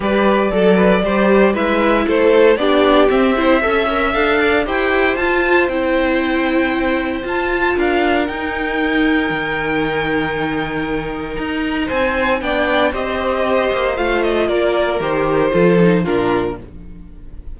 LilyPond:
<<
  \new Staff \with { instrumentName = "violin" } { \time 4/4 \tempo 4 = 116 d''2. e''4 | c''4 d''4 e''2 | f''4 g''4 a''4 g''4~ | g''2 a''4 f''4 |
g''1~ | g''2 ais''4 gis''4 | g''4 dis''2 f''8 dis''8 | d''4 c''2 ais'4 | }
  \new Staff \with { instrumentName = "violin" } { \time 4/4 b'4 a'8 b'8 c''4 b'4 | a'4 g'4. c''8 e''4~ | e''8 d''8 c''2.~ | c''2. ais'4~ |
ais'1~ | ais'2. c''4 | d''4 c''2. | ais'2 a'4 f'4 | }
  \new Staff \with { instrumentName = "viola" } { \time 4/4 g'4 a'4 g'4 e'4~ | e'4 d'4 c'8 e'8 a'8 ais'8 | a'4 g'4 f'4 e'4~ | e'2 f'2 |
dis'1~ | dis'1 | d'4 g'2 f'4~ | f'4 g'4 f'8 dis'8 d'4 | }
  \new Staff \with { instrumentName = "cello" } { \time 4/4 g4 fis4 g4 gis4 | a4 b4 c'4 cis'4 | d'4 e'4 f'4 c'4~ | c'2 f'4 d'4 |
dis'2 dis2~ | dis2 dis'4 c'4 | b4 c'4. ais8 a4 | ais4 dis4 f4 ais,4 | }
>>